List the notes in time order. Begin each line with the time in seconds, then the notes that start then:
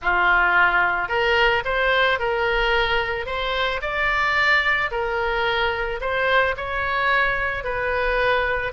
0.02 F4
1.08 A#4
1.65 C5
2.19 A#4
3.26 C5
3.81 D5
4.91 A#4
6.00 C5
6.57 C#5
7.63 B4